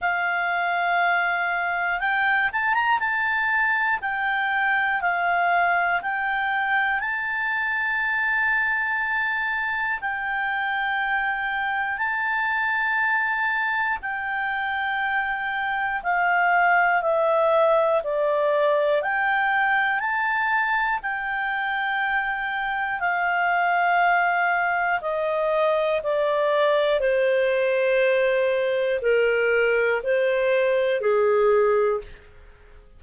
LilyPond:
\new Staff \with { instrumentName = "clarinet" } { \time 4/4 \tempo 4 = 60 f''2 g''8 a''16 ais''16 a''4 | g''4 f''4 g''4 a''4~ | a''2 g''2 | a''2 g''2 |
f''4 e''4 d''4 g''4 | a''4 g''2 f''4~ | f''4 dis''4 d''4 c''4~ | c''4 ais'4 c''4 gis'4 | }